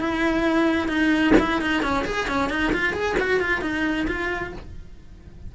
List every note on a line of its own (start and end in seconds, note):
0.00 0.89 E4
0.89 1.34 D#4
1.39 1.62 E4
1.62 1.83 D#4
1.83 2.05 C#4
2.06 2.28 G#4
2.28 2.50 C#4
2.50 2.73 D#4
2.73 2.93 F4
2.93 3.16 G#4
3.20 3.40 F#4
3.40 3.62 F4
3.62 4.07 D#4
4.08 4.53 F4